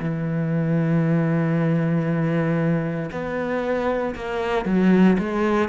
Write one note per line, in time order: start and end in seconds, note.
0.00 3.10 E3
3.12 4.15 B3
4.16 4.66 A#3
4.66 5.17 F#3
5.19 5.69 G#3